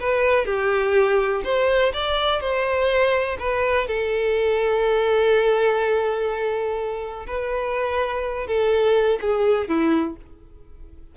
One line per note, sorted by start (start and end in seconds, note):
0.00 0.46 B4
0.46 1.43 G4
1.45 1.93 C5
1.94 2.41 D5
2.41 3.38 C5
3.39 3.88 B4
3.88 7.26 A4
7.27 8.47 B4
8.47 9.20 A4
9.21 9.68 G#4
9.68 10.17 E4